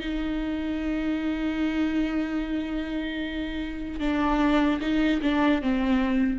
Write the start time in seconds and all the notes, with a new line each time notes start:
0.00 D#4
4.00 D4
4.81 D#4
5.22 D4
5.62 C4